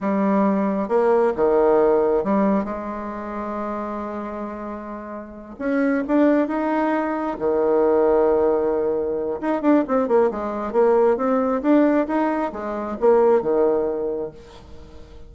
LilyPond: \new Staff \with { instrumentName = "bassoon" } { \time 4/4 \tempo 4 = 134 g2 ais4 dis4~ | dis4 g4 gis2~ | gis1~ | gis8 cis'4 d'4 dis'4.~ |
dis'8 dis2.~ dis8~ | dis4 dis'8 d'8 c'8 ais8 gis4 | ais4 c'4 d'4 dis'4 | gis4 ais4 dis2 | }